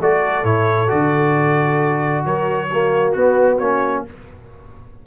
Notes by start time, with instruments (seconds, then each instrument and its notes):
0.00 tuba A3, trombone F#4, horn A4, trumpet D5
0.44 tuba A2, trombone E4, trumpet C#5
0.88 tuba D3, trombone F#4, trumpet D5
2.25 tuba F#3, horn A#4, trumpet C#5
2.69 trombone A#3, horn F#4
3.12 tuba B3, trombone B3, trumpet F#4
3.59 tuba A#3, trombone C#4, trumpet C#5